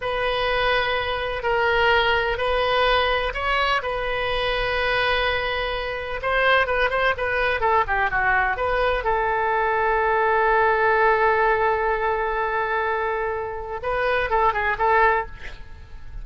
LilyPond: \new Staff \with { instrumentName = "oboe" } { \time 4/4 \tempo 4 = 126 b'2. ais'4~ | ais'4 b'2 cis''4 | b'1~ | b'4 c''4 b'8 c''8 b'4 |
a'8 g'8 fis'4 b'4 a'4~ | a'1~ | a'1~ | a'4 b'4 a'8 gis'8 a'4 | }